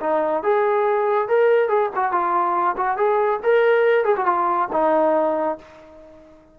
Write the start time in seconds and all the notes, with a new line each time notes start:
0.00 D#4
0.43 G#4
1.28 A#4
1.69 G#4
1.95 F#4
2.12 F4
2.77 F#4
2.97 G#4
3.43 A#4
4.05 G#4
4.17 F#4
4.26 F4
4.72 D#4